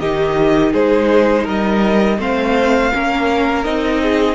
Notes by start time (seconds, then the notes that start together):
0.00 D#3 D#4 G4 D#5
0.73 G#3 G#4 C5
1.44 G3 A#4 D#5
2.19 A3 C4 C5 F5
2.93 A#3 C#4 A#4
3.64 C4 D#4 D#5
4.02 G#4